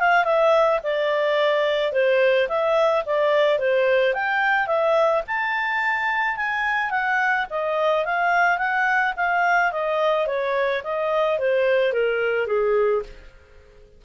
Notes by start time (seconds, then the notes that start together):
0.00 F5
0.24 E5
0.83 D5
1.92 C5
2.48 E5
3.06 D5
3.59 C5
4.14 G5
4.67 E5
5.27 A5
6.37 G#5
6.90 F#5
7.50 D#5
8.05 F5
8.58 F#5
9.16 F5
9.72 D#5
10.27 C#5
10.84 D#5
11.39 C5
11.93 A#4
12.47 G#4